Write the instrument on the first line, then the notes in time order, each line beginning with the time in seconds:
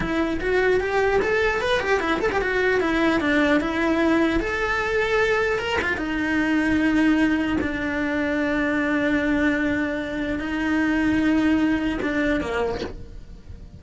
cello
0.00 E4
0.40 F#4
0.80 G4
1.21 A4
1.61 B4
1.80 G4
1.99 E4
2.20 A4
2.31 G4
2.41 F#4
2.80 E4
3.20 D4
3.60 E4
4.40 A4
5.58 A#4
5.81 F4
5.97 D#4
7.61 D4
10.39 D#4
12.02 D4
12.40 A#3